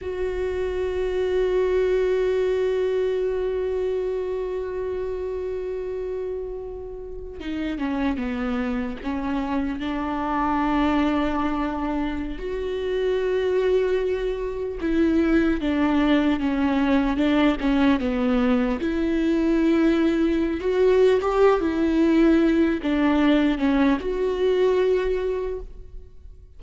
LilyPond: \new Staff \with { instrumentName = "viola" } { \time 4/4 \tempo 4 = 75 fis'1~ | fis'1~ | fis'4~ fis'16 dis'8 cis'8 b4 cis'8.~ | cis'16 d'2.~ d'16 fis'8~ |
fis'2~ fis'8 e'4 d'8~ | d'8 cis'4 d'8 cis'8 b4 e'8~ | e'4.~ e'16 fis'8. g'8 e'4~ | e'8 d'4 cis'8 fis'2 | }